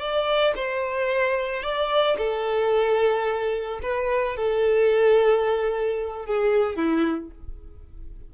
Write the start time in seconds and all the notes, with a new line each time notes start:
0.00 D5
0.56 C5
1.63 D5
2.18 A4
3.83 B4
4.37 A4
6.26 G#4
6.76 E4